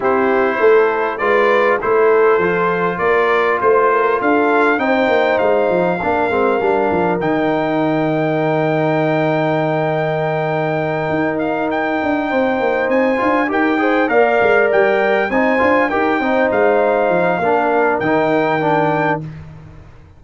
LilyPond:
<<
  \new Staff \with { instrumentName = "trumpet" } { \time 4/4 \tempo 4 = 100 c''2 d''4 c''4~ | c''4 d''4 c''4 f''4 | g''4 f''2. | g''1~ |
g''2. f''8 g''8~ | g''4. gis''4 g''4 f''8~ | f''8 g''4 gis''4 g''4 f''8~ | f''2 g''2 | }
  \new Staff \with { instrumentName = "horn" } { \time 4/4 g'4 a'4 b'4 a'4~ | a'4 ais'4 c''8 ais'8 a'4 | c''2 ais'2~ | ais'1~ |
ais'1~ | ais'8 c''2 ais'8 c''8 d''8~ | d''4. c''4 ais'8 c''4~ | c''4 ais'2. | }
  \new Staff \with { instrumentName = "trombone" } { \time 4/4 e'2 f'4 e'4 | f'1 | dis'2 d'8 c'8 d'4 | dis'1~ |
dis'1~ | dis'2 f'8 g'8 gis'8 ais'8~ | ais'4. dis'8 f'8 g'8 dis'4~ | dis'4 d'4 dis'4 d'4 | }
  \new Staff \with { instrumentName = "tuba" } { \time 4/4 c'4 a4 gis4 a4 | f4 ais4 a4 d'4 | c'8 ais8 gis8 f8 ais8 gis8 g8 f8 | dis1~ |
dis2~ dis8 dis'4. | d'8 c'8 ais8 c'8 d'8 dis'4 ais8 | gis8 g4 c'8 d'8 dis'8 c'8 gis8~ | gis8 f8 ais4 dis2 | }
>>